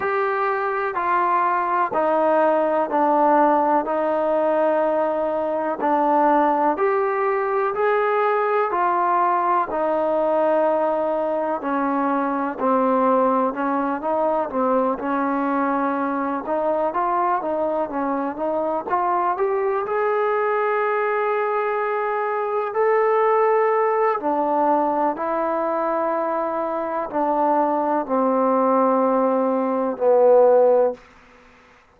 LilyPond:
\new Staff \with { instrumentName = "trombone" } { \time 4/4 \tempo 4 = 62 g'4 f'4 dis'4 d'4 | dis'2 d'4 g'4 | gis'4 f'4 dis'2 | cis'4 c'4 cis'8 dis'8 c'8 cis'8~ |
cis'4 dis'8 f'8 dis'8 cis'8 dis'8 f'8 | g'8 gis'2. a'8~ | a'4 d'4 e'2 | d'4 c'2 b4 | }